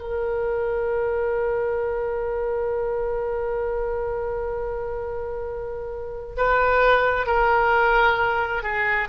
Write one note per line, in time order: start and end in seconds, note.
0.00 6.36 A#4
6.37 7.26 B4
7.26 8.63 A#4
8.63 9.08 G#4